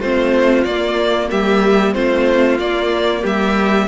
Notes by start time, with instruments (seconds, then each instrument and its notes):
0.00 cello A3, viola C4, violin F4 C5
0.64 cello A#3, viola A#3, violin D5
1.32 cello G3, violin G4 E5
1.94 cello A3, viola C4, violin F4 C5
2.59 cello A#3, viola A#3, violin D5
3.22 cello G3, violin G4 E5